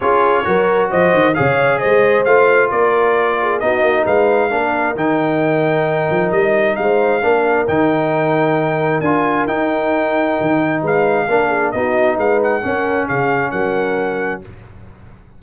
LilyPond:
<<
  \new Staff \with { instrumentName = "trumpet" } { \time 4/4 \tempo 4 = 133 cis''2 dis''4 f''4 | dis''4 f''4 d''2 | dis''4 f''2 g''4~ | g''2 dis''4 f''4~ |
f''4 g''2. | gis''4 g''2. | f''2 dis''4 f''8 fis''8~ | fis''4 f''4 fis''2 | }
  \new Staff \with { instrumentName = "horn" } { \time 4/4 gis'4 ais'4 c''4 cis''4 | c''2 ais'4. gis'8 | fis'4 b'4 ais'2~ | ais'2. c''4 |
ais'1~ | ais'1 | b'4 ais'8 gis'8 fis'4 b'4 | ais'4 gis'4 ais'2 | }
  \new Staff \with { instrumentName = "trombone" } { \time 4/4 f'4 fis'2 gis'4~ | gis'4 f'2. | dis'2 d'4 dis'4~ | dis'1 |
d'4 dis'2. | f'4 dis'2.~ | dis'4 d'4 dis'2 | cis'1 | }
  \new Staff \with { instrumentName = "tuba" } { \time 4/4 cis'4 fis4 f8 dis8 cis4 | gis4 a4 ais2 | b8 ais8 gis4 ais4 dis4~ | dis4. f8 g4 gis4 |
ais4 dis2. | d'4 dis'2 dis4 | gis4 ais4 b4 gis4 | cis'4 cis4 fis2 | }
>>